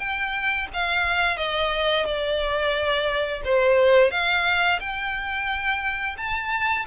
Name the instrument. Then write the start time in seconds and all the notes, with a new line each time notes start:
violin
0.00 G5
0.74 F5
1.38 D#5
2.06 D5
3.45 C5
4.12 F5
4.80 G5
6.18 A5